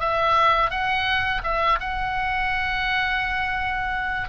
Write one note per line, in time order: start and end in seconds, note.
0.00 0.70 E5
0.70 1.42 F#5
1.44 1.79 E5
1.80 4.29 F#5